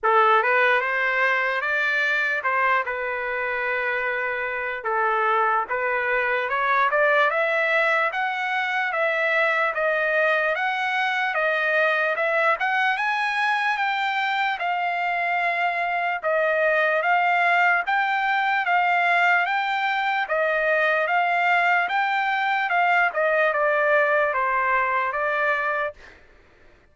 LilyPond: \new Staff \with { instrumentName = "trumpet" } { \time 4/4 \tempo 4 = 74 a'8 b'8 c''4 d''4 c''8 b'8~ | b'2 a'4 b'4 | cis''8 d''8 e''4 fis''4 e''4 | dis''4 fis''4 dis''4 e''8 fis''8 |
gis''4 g''4 f''2 | dis''4 f''4 g''4 f''4 | g''4 dis''4 f''4 g''4 | f''8 dis''8 d''4 c''4 d''4 | }